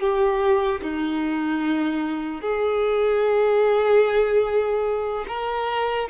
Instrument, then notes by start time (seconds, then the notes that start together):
violin
0.00 G4
0.82 D#4
2.41 G#4
5.28 A#4